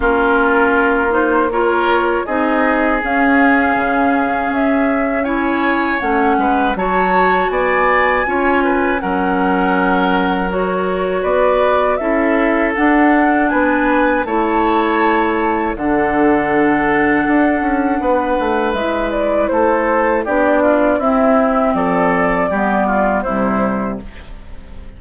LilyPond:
<<
  \new Staff \with { instrumentName = "flute" } { \time 4/4 \tempo 4 = 80 ais'4. c''8 cis''4 dis''4 | f''2 e''4 gis''4 | fis''4 a''4 gis''2 | fis''2 cis''4 d''4 |
e''4 fis''4 gis''4 a''4~ | a''4 fis''2.~ | fis''4 e''8 d''8 c''4 d''4 | e''4 d''2 c''4 | }
  \new Staff \with { instrumentName = "oboe" } { \time 4/4 f'2 ais'4 gis'4~ | gis'2. cis''4~ | cis''8 b'8 cis''4 d''4 cis''8 b'8 | ais'2. b'4 |
a'2 b'4 cis''4~ | cis''4 a'2. | b'2 a'4 g'8 f'8 | e'4 a'4 g'8 f'8 e'4 | }
  \new Staff \with { instrumentName = "clarinet" } { \time 4/4 cis'4. dis'8 f'4 dis'4 | cis'2. e'4 | cis'4 fis'2 f'4 | cis'2 fis'2 |
e'4 d'2 e'4~ | e'4 d'2.~ | d'4 e'2 d'4 | c'2 b4 g4 | }
  \new Staff \with { instrumentName = "bassoon" } { \time 4/4 ais2. c'4 | cis'4 cis4 cis'2 | a8 gis8 fis4 b4 cis'4 | fis2. b4 |
cis'4 d'4 b4 a4~ | a4 d2 d'8 cis'8 | b8 a8 gis4 a4 b4 | c'4 f4 g4 c4 | }
>>